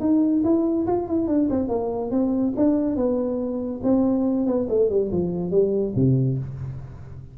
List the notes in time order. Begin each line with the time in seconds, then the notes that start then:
0.00 D#4
0.44 E4
0.87 F4
1.08 E4
1.27 D4
1.50 C4
1.68 A#3
2.11 C4
2.56 D4
2.96 B3
3.83 C4
4.46 B3
4.69 A3
4.90 G3
5.12 F3
5.51 G3
5.96 C3